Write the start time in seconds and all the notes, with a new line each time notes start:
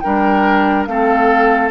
0.00 G3 D4 A#4 G5
0.86 A3 C4 A4 F5